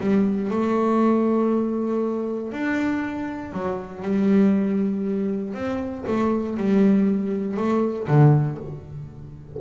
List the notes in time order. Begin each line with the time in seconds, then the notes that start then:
0.00 G3
0.50 A3
2.52 D4
3.52 F#3
4.02 G3
5.54 C4
6.07 A3
6.57 G3
7.57 A3
8.07 D3